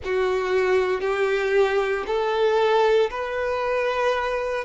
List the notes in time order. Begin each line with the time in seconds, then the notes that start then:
0.04 F#4
1.01 G4
2.06 A4
3.10 B4